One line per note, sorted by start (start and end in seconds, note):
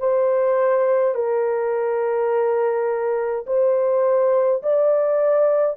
0.00 1.15 C5
1.15 3.46 A#4
3.47 4.62 C5
4.63 5.77 D5